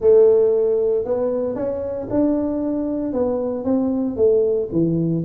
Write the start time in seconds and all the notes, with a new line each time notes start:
0.00 A3
1.04 B3
1.55 C#4
2.10 D4
3.13 B3
3.64 C4
4.16 A3
4.72 E3